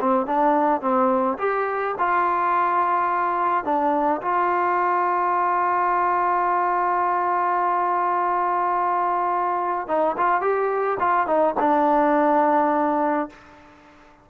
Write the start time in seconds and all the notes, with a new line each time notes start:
0.00 C4
0.26 D4
0.81 C4
1.38 G4
1.98 F4
3.64 D4
4.21 F4
9.87 D#4
10.17 F4
10.41 G4
10.99 F4
11.26 D#4
11.59 D4